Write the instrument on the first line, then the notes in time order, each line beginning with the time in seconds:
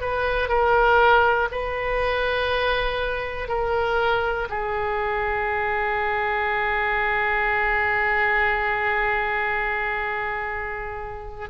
oboe
0.00 B4
0.49 A#4
1.51 B4
3.48 A#4
4.49 G#4